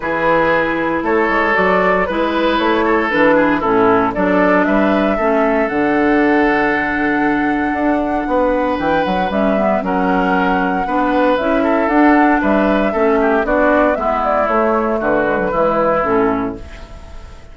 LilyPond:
<<
  \new Staff \with { instrumentName = "flute" } { \time 4/4 \tempo 4 = 116 b'2 cis''4 d''4 | b'4 cis''4 b'4 a'4 | d''4 e''2 fis''4~ | fis''1~ |
fis''4 g''8 fis''8 e''4 fis''4~ | fis''2 e''4 fis''4 | e''2 d''4 e''8 d''8 | cis''4 b'2 a'4 | }
  \new Staff \with { instrumentName = "oboe" } { \time 4/4 gis'2 a'2 | b'4. a'4 gis'8 e'4 | a'4 b'4 a'2~ | a'1 |
b'2. ais'4~ | ais'4 b'4. a'4. | b'4 a'8 g'8 fis'4 e'4~ | e'4 fis'4 e'2 | }
  \new Staff \with { instrumentName = "clarinet" } { \time 4/4 e'2. fis'4 | e'2 d'4 cis'4 | d'2 cis'4 d'4~ | d'1~ |
d'2 cis'8 b8 cis'4~ | cis'4 d'4 e'4 d'4~ | d'4 cis'4 d'4 b4 | a4. gis16 fis16 gis4 cis'4 | }
  \new Staff \with { instrumentName = "bassoon" } { \time 4/4 e2 a8 gis8 fis4 | gis4 a4 e4 a,4 | fis4 g4 a4 d4~ | d2. d'4 |
b4 e8 fis8 g4 fis4~ | fis4 b4 cis'4 d'4 | g4 a4 b4 gis4 | a4 d4 e4 a,4 | }
>>